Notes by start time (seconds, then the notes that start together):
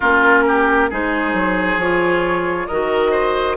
0.00 A#3 C#4 F4 A#4
0.47 G4
0.90 G#3 D#4 G#4 C5
1.33 F#3
1.76 F3 F4 C#5
2.66 D#3 F#4 A#4 D#5
3.11 C5